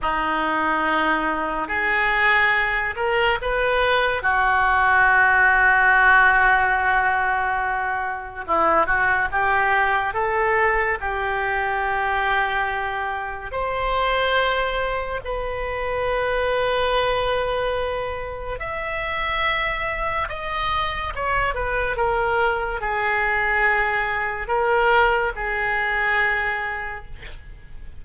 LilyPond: \new Staff \with { instrumentName = "oboe" } { \time 4/4 \tempo 4 = 71 dis'2 gis'4. ais'8 | b'4 fis'2.~ | fis'2 e'8 fis'8 g'4 | a'4 g'2. |
c''2 b'2~ | b'2 e''2 | dis''4 cis''8 b'8 ais'4 gis'4~ | gis'4 ais'4 gis'2 | }